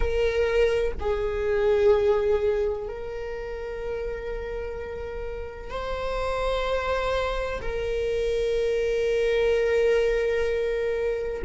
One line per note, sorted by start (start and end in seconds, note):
0.00 0.91 A#4
0.99 2.88 G#4
2.88 5.70 A#4
5.70 7.61 C5
7.61 11.42 A#4